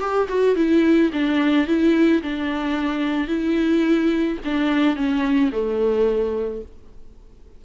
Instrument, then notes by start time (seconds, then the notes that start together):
viola
0.00 G4
0.29 F#4
0.56 E4
1.13 D4
1.67 E4
2.23 D4
3.28 E4
4.45 D4
4.96 C#4
5.52 A3